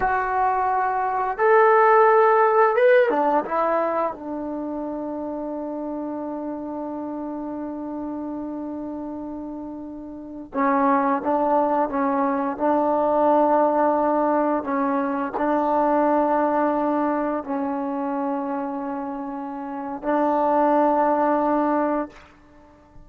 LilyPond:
\new Staff \with { instrumentName = "trombone" } { \time 4/4 \tempo 4 = 87 fis'2 a'2 | b'8 d'8 e'4 d'2~ | d'1~ | d'2.~ d'16 cis'8.~ |
cis'16 d'4 cis'4 d'4.~ d'16~ | d'4~ d'16 cis'4 d'4.~ d'16~ | d'4~ d'16 cis'2~ cis'8.~ | cis'4 d'2. | }